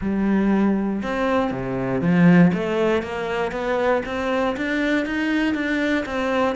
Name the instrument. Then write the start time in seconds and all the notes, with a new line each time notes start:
cello
0.01 G3
1.02 C4
1.51 C3
2.01 F3
2.53 A3
3.02 A#3
3.51 B3
4.05 C4
4.57 D4
5.05 D#4
5.54 D4
6.05 C4